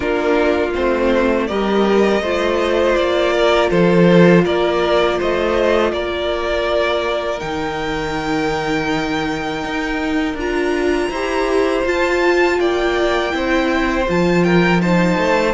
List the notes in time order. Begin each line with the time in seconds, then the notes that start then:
0.00 A#3 D4 F4 A#4
0.74 A3 C4 C5
1.47 G3 G4 A#4 D#5
2.21 A3 F4 C5
2.95 A#3 D5
3.33 A#4
3.69 F3 A4 C5
4.44 A#3 A#4 D5
5.17 A3 C5 D#5
5.92 A#3 A#4 D5
7.39 D#3 D#4 G5
9.63 D#4
10.34 D4 F4 A#5
11.09 E4 G4 C5
11.85 F4 A5
12.59 A#3 D5 G5
13.30 C4 E4 C5
14.07 F3 F4 A5
14.43 A#4 G5
14.81 D#4 C5 A5
15.17 A3